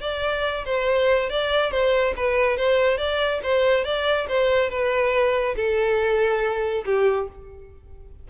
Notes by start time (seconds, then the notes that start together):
0.00 D5
0.65 C5
1.29 D5
1.71 C5
2.16 B4
2.57 C5
2.97 D5
3.43 C5
3.84 D5
4.28 C5
4.69 B4
5.55 A4
6.85 G4